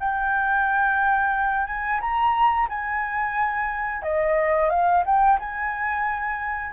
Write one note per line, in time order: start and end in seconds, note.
0.00 1.67 G5
1.67 2.01 G#5
2.01 2.68 A#5
2.70 4.03 G#5
4.03 4.70 D#5
4.70 5.04 F5
5.06 5.39 G5
5.40 6.73 G#5